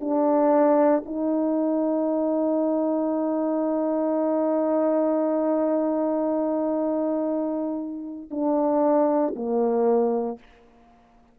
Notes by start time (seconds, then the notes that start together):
0.00 D4
1.05 D#4
8.30 D4
9.35 A#3